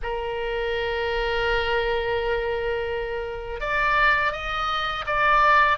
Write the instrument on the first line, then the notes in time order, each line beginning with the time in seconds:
oboe
0.02 A#4
3.60 D5
4.32 D#5
5.06 D5